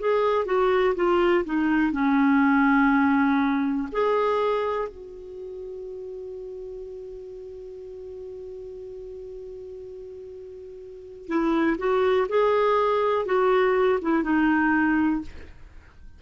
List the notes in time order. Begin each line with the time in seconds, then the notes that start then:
0.00 G#4
0.46 F#4
0.96 F4
1.45 D#4
1.92 C#4
3.92 G#4
4.89 F#4
11.28 E4
11.79 F#4
12.30 G#4
13.26 F#4
14.02 E4
14.24 D#4